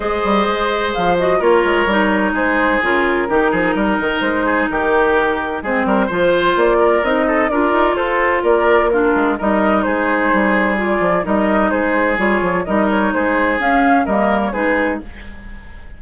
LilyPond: <<
  \new Staff \with { instrumentName = "flute" } { \time 4/4 \tempo 4 = 128 dis''2 f''8 dis''8 cis''4~ | cis''4 c''4 ais'2~ | ais'4 c''4 ais'2 | c''2 d''4 dis''4 |
d''4 c''4 d''4 ais'4 | dis''4 c''2 d''4 | dis''4 c''4 cis''4 dis''8 cis''8 | c''4 f''4 dis''8. cis''16 b'4 | }
  \new Staff \with { instrumentName = "oboe" } { \time 4/4 c''2. ais'4~ | ais'4 gis'2 g'8 gis'8 | ais'4. gis'8 g'2 | gis'8 ais'8 c''4. ais'4 a'8 |
ais'4 a'4 ais'4 f'4 | ais'4 gis'2. | ais'4 gis'2 ais'4 | gis'2 ais'4 gis'4 | }
  \new Staff \with { instrumentName = "clarinet" } { \time 4/4 gis'2~ gis'8 fis'8 f'4 | dis'2 f'4 dis'4~ | dis'1 | c'4 f'2 dis'4 |
f'2. d'4 | dis'2. f'4 | dis'2 f'4 dis'4~ | dis'4 cis'4 ais4 dis'4 | }
  \new Staff \with { instrumentName = "bassoon" } { \time 4/4 gis8 g8 gis4 f4 ais8 gis8 | g4 gis4 cis4 dis8 f8 | g8 dis8 gis4 dis2 | gis8 g8 f4 ais4 c'4 |
d'8 dis'8 f'4 ais4. gis8 | g4 gis4 g4. f8 | g4 gis4 g8 f8 g4 | gis4 cis'4 g4 gis4 | }
>>